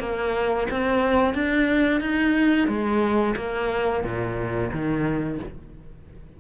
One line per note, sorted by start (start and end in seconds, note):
0.00 0.67 A#3
0.70 1.34 C4
1.34 2.01 D4
2.01 2.68 D#4
2.68 3.35 G#3
3.36 4.04 A#3
4.04 4.71 A#2
4.71 5.39 D#3